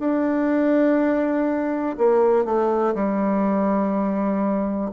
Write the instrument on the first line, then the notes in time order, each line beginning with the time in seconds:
bassoon
0.00 D4
1.99 A#3
2.45 A3
2.95 G3